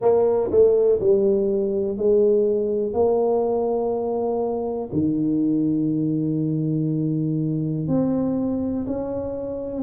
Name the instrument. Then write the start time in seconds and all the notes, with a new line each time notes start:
tuba
0.01 A#3
0.50 A3
1.00 G3
1.97 G#3
2.92 A#3
4.92 D#3
7.87 C4
8.86 C#4